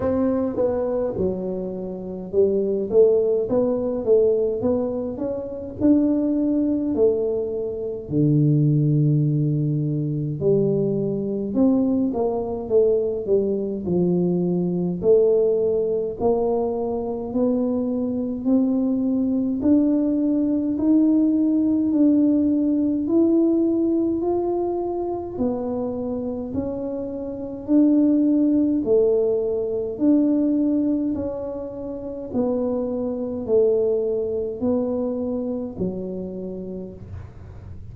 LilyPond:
\new Staff \with { instrumentName = "tuba" } { \time 4/4 \tempo 4 = 52 c'8 b8 fis4 g8 a8 b8 a8 | b8 cis'8 d'4 a4 d4~ | d4 g4 c'8 ais8 a8 g8 | f4 a4 ais4 b4 |
c'4 d'4 dis'4 d'4 | e'4 f'4 b4 cis'4 | d'4 a4 d'4 cis'4 | b4 a4 b4 fis4 | }